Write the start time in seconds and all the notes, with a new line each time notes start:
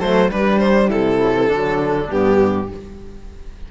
0.00 F#3 A3 A4 C5
0.30 G3 D4 B4
0.59 C5
0.89 C3 E4 A4
1.18 F#3
1.33 E3
1.48 D3 F#3 D4
2.09 G2 B3 G4